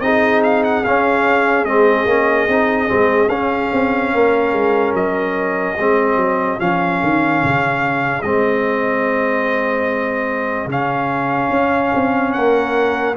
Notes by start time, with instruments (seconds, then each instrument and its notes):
0.00 tuba C4, trombone D#4, horn G#4, trumpet D#5
0.43 trumpet F5
0.63 trumpet F#5
0.84 trombone C#4, tuba C#4, trumpet F5
1.64 tuba G#3, trombone C4, trumpet D#5
2.05 tuba A#3, trombone C#4
2.48 tuba C4, trombone D#4
2.87 tuba G#3, trombone C4
3.28 tuba C#4, trombone C#4, trumpet F5
3.72 tuba C4
4.13 tuba A#3, horn A#4
4.52 tuba G#3
4.93 tuba F#3, trumpet D#5
5.77 tuba G#3, trombone C4, horn G#4
6.16 tuba F#3
6.59 tuba F3, trombone C#4, trumpet F5
7.02 tuba D#3
7.43 tuba C#3
8.21 tuba G#3, trombone C4, trumpet D#5
10.66 tuba C#3, trombone C#4, trumpet F5
11.51 tuba C#4
11.94 tuba C4
12.32 tuba A#3, horn A#4, trumpet F#5